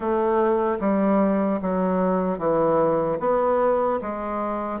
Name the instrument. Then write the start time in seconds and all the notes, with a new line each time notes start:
bassoon
0.00 A3
0.80 G3
1.61 F#3
2.38 E3
3.19 B3
4.01 G#3